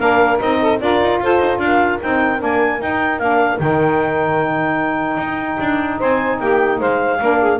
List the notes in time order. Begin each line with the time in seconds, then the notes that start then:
0.00 A#3 D4 A#4 F5
0.40 C4 D#4 D#5
0.61 A4
0.80 D4 F4 A#4 D5
1.01 D#4
1.21 F4 A4 C5
1.39 D#4
1.59 D4 A#4 F5
2.02 C4 D#4 G5
2.39 A#3 D4 G#5
2.81 D#4 G5
3.19 A#3 D4 F5
3.59 D#3 D#4 G5
5.18 D#4
5.61 D4
5.99 C4 C5 G#5
6.40 A#3 G4 G5
6.80 G#3 C5 F5
7.20 A#3 D4 A#4
7.41 G#4